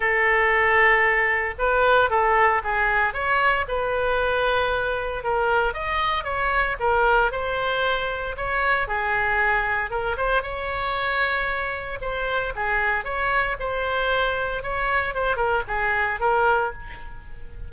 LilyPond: \new Staff \with { instrumentName = "oboe" } { \time 4/4 \tempo 4 = 115 a'2. b'4 | a'4 gis'4 cis''4 b'4~ | b'2 ais'4 dis''4 | cis''4 ais'4 c''2 |
cis''4 gis'2 ais'8 c''8 | cis''2. c''4 | gis'4 cis''4 c''2 | cis''4 c''8 ais'8 gis'4 ais'4 | }